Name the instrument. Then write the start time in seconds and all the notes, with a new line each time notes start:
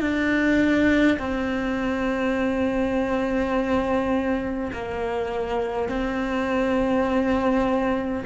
cello
0.00 D4
1.18 C4
4.72 A#3
5.88 C4